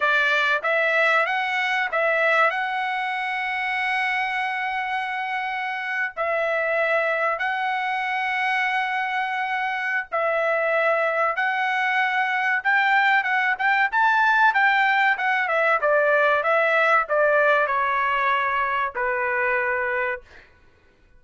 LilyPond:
\new Staff \with { instrumentName = "trumpet" } { \time 4/4 \tempo 4 = 95 d''4 e''4 fis''4 e''4 | fis''1~ | fis''4.~ fis''16 e''2 fis''16~ | fis''1 |
e''2 fis''2 | g''4 fis''8 g''8 a''4 g''4 | fis''8 e''8 d''4 e''4 d''4 | cis''2 b'2 | }